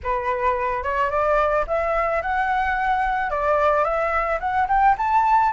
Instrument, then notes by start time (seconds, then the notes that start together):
flute
0.03 B4
0.83 C#5
1.10 D5
1.67 E5
2.22 F#5
3.30 D5
3.84 E5
4.40 F#5
4.68 G5
4.97 A5